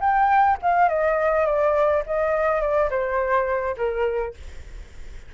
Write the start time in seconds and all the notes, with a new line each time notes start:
0.00 G5
0.62 F5
0.88 D#5
1.46 D5
2.06 D#5
2.61 D5
2.90 C5
3.77 A#4